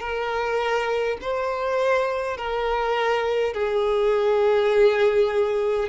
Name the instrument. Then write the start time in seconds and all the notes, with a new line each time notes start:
violin
0.00 A#4
1.21 C5
2.37 A#4
3.54 G#4